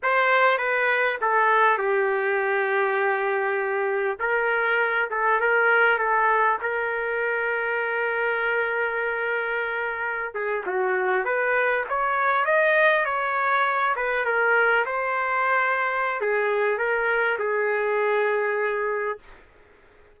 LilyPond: \new Staff \with { instrumentName = "trumpet" } { \time 4/4 \tempo 4 = 100 c''4 b'4 a'4 g'4~ | g'2. ais'4~ | ais'8 a'8 ais'4 a'4 ais'4~ | ais'1~ |
ais'4~ ais'16 gis'8 fis'4 b'4 cis''16~ | cis''8. dis''4 cis''4. b'8 ais'16~ | ais'8. c''2~ c''16 gis'4 | ais'4 gis'2. | }